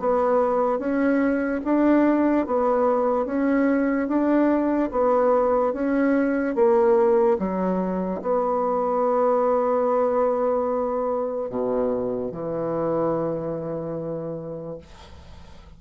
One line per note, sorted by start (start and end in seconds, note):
0.00 0.79 B3
0.79 1.61 C#4
1.65 2.47 D4
2.47 3.26 B3
3.26 4.08 C#4
4.08 4.91 D4
4.92 5.74 B3
5.74 6.56 C#4
6.56 7.38 A#3
7.39 8.22 F#3
8.22 11.50 B3
11.50 12.32 B2
12.32 14.79 E3